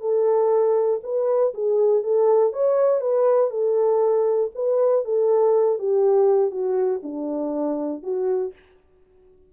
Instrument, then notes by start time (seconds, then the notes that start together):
horn
0.00 A4
1.03 B4
1.54 G#4
2.03 A4
2.52 C#5
3.00 B4
3.50 A4
4.55 B4
5.04 A4
5.78 G4
6.50 F#4
7.02 D4
8.02 F#4